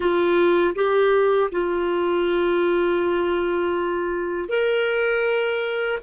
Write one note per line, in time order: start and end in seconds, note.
0.00 0.74 F4
0.75 1.50 G4
1.51 4.48 F4
4.48 5.98 A#4